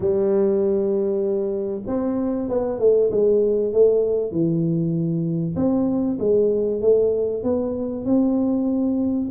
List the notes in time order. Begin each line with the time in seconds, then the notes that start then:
0.00 G3
1.86 C4
2.49 B3
2.79 A3
3.11 G#3
3.73 A3
4.31 E3
5.56 C4
6.19 G#3
6.81 A3
7.43 B3
8.05 C4